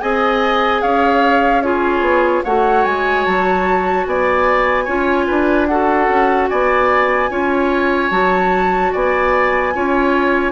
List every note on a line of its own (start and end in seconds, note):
0.00 0.82 C4
0.00 1.63 G#4
0.00 0.82 D#5
0.00 0.81 G#5
0.81 2.01 C#4
0.81 1.63 C#5
0.81 1.62 F5
1.62 2.44 F4
1.62 2.44 G#4
1.62 2.43 C#5
2.01 2.41 B3
2.44 2.85 A3
2.44 4.87 F#4
2.44 4.06 C#5
2.44 2.84 F#5
2.84 3.26 G#3
2.84 3.25 G#5
3.25 4.06 F#3
3.25 4.06 A5
4.06 4.87 B3
4.06 4.85 D5
4.06 5.67 G#5
4.85 5.28 C#4
4.85 5.69 F4
4.85 5.25 C#5
5.27 6.08 D4
5.27 5.67 B4
5.67 7.30 F#4
5.67 6.50 A4
5.67 6.48 F#5
6.08 6.49 C#4
6.49 7.30 B3
6.49 7.30 D5
6.49 8.11 G#5
7.30 8.10 C#4
7.30 8.11 F4
7.30 8.92 C#5
8.10 8.91 F#3
8.10 9.73 F#4
8.10 8.92 A5
8.92 9.75 B3
8.92 9.73 D5
8.92 10.52 G#5
9.73 10.52 C#4
9.73 10.52 F4
9.73 10.52 C#5